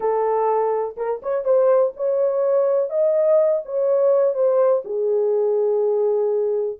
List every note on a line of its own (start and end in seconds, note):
0.00 0.95 A4
0.97 1.21 A#4
1.22 1.44 C#5
1.44 1.92 C5
1.96 2.89 C#5
2.89 3.62 D#5
3.65 4.34 C#5
4.34 4.82 C5
4.84 6.78 G#4